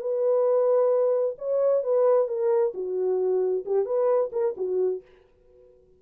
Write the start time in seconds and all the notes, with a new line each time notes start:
0.00 B4
1.38 C#5
1.83 B4
2.28 A#4
2.74 F#4
3.65 G4
3.85 B4
4.32 A#4
4.56 F#4